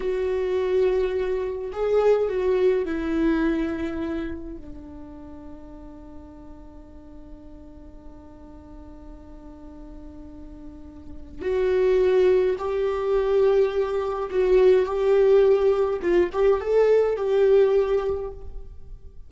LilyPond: \new Staff \with { instrumentName = "viola" } { \time 4/4 \tempo 4 = 105 fis'2. gis'4 | fis'4 e'2. | d'1~ | d'1~ |
d'1 | fis'2 g'2~ | g'4 fis'4 g'2 | f'8 g'8 a'4 g'2 | }